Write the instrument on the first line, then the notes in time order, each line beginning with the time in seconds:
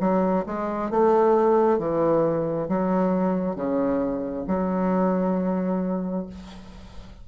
bassoon
0.00 F#3
0.46 G#3
0.90 A3
1.78 E3
2.68 F#3
3.56 C#3
4.47 F#3